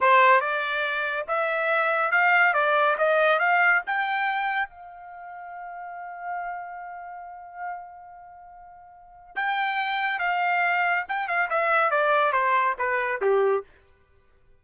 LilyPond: \new Staff \with { instrumentName = "trumpet" } { \time 4/4 \tempo 4 = 141 c''4 d''2 e''4~ | e''4 f''4 d''4 dis''4 | f''4 g''2 f''4~ | f''1~ |
f''1~ | f''2 g''2 | f''2 g''8 f''8 e''4 | d''4 c''4 b'4 g'4 | }